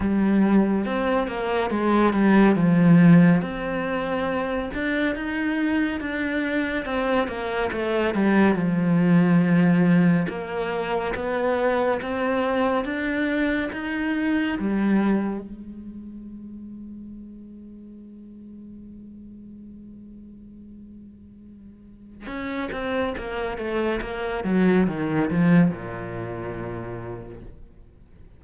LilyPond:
\new Staff \with { instrumentName = "cello" } { \time 4/4 \tempo 4 = 70 g4 c'8 ais8 gis8 g8 f4 | c'4. d'8 dis'4 d'4 | c'8 ais8 a8 g8 f2 | ais4 b4 c'4 d'4 |
dis'4 g4 gis2~ | gis1~ | gis2 cis'8 c'8 ais8 a8 | ais8 fis8 dis8 f8 ais,2 | }